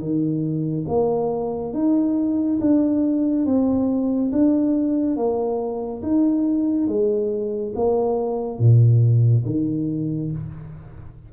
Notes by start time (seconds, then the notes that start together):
0.00 D#3
0.88 A#3
1.74 D#4
2.61 D4
3.46 C4
4.32 D4
5.17 A#3
6.03 D#4
6.88 G#3
7.76 A#3
8.59 A#2
9.46 D#3